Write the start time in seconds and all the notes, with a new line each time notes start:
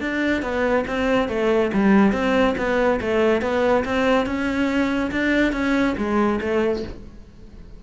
0.00 D4
0.42 B3
0.87 C4
1.28 A3
1.73 G3
2.12 C4
2.57 B3
3.00 A3
3.41 B3
3.85 C4
4.26 C#4
5.11 D4
5.52 C#4
5.97 G#3
6.40 A3